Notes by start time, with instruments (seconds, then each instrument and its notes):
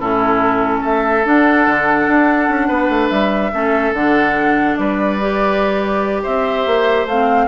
0.00 bassoon A2, clarinet C#4, oboe E4, flute A4
0.81 bassoon A3, oboe A4, flute E5
1.24 clarinet D4, bassoon D4, flute F#5
1.67 bassoon D3
2.08 bassoon D4
2.49 bassoon C#4
2.68 bassoon B3, oboe B4
2.89 bassoon A3
3.09 bassoon G3, flute E5
3.53 bassoon A3, clarinet C#4, oboe A4
3.93 bassoon D3, clarinet D4, flute F#5
4.76 bassoon G3, oboe B4, flute D5
5.21 clarinet G4
6.23 bassoon C4, oboe C5, flute E5
6.66 bassoon A#3
7.06 bassoon A3, clarinet C4, flute F5